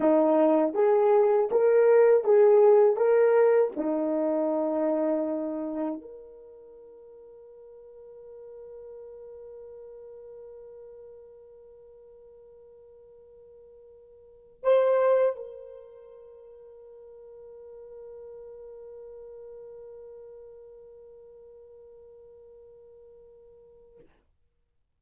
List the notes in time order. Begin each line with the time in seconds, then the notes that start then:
0.00 D#4
0.74 G#4
1.51 A#4
2.24 G#4
2.96 A#4
3.76 D#4
6.01 A#4
14.63 C5
15.36 A#4